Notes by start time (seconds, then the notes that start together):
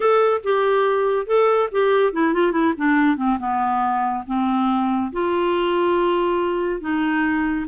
0.00 A4
0.43 G4
1.26 A4
1.71 G4
2.12 E4
2.33 F4
2.52 E4
2.77 D4
3.16 C4
3.39 B3
4.26 C4
5.12 F4
6.81 D#4